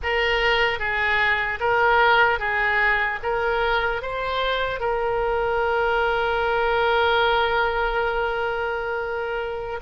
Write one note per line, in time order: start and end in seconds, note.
0.02 0.79 A#4
0.79 1.59 G#4
1.60 2.39 A#4
2.39 3.19 G#4
3.23 4.02 A#4
4.02 4.80 C5
4.80 9.80 A#4